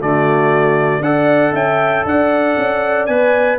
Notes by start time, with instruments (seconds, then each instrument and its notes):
0.00 tuba D3, trombone A3, horn F#4, trumpet D5
1.01 tuba D4, trombone A4, horn D5, trumpet F#5
1.53 tuba C#4, horn E5, trumpet G5
2.05 tuba D4, horn D5, trumpet F#5
2.58 tuba C#4
3.06 tuba B3, trombone B4, trumpet G#5